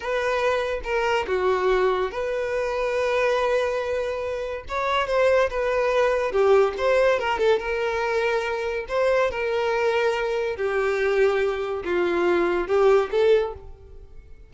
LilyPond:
\new Staff \with { instrumentName = "violin" } { \time 4/4 \tempo 4 = 142 b'2 ais'4 fis'4~ | fis'4 b'2.~ | b'2. cis''4 | c''4 b'2 g'4 |
c''4 ais'8 a'8 ais'2~ | ais'4 c''4 ais'2~ | ais'4 g'2. | f'2 g'4 a'4 | }